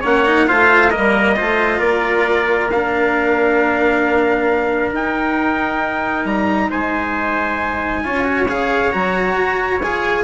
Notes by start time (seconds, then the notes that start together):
0.00 A#3 C#4 C#5 F#5
0.25 D#4
0.47 A3 F4 C5 F5
0.91 G3 A#3 A#4 D#5
1.36 A3 F4 C5
1.78 A#3 A#4 D5
2.70 D4 F5
4.93 D#4 G5
6.25 G3 A#5
6.69 G#3 C5 G#5
8.04 C#4 F4 C#5
8.24 F#4
8.48 C#3 G#4 F5
8.91 F#3 F#4 A#5
9.34 F#4
9.82 F4 G#4 G#5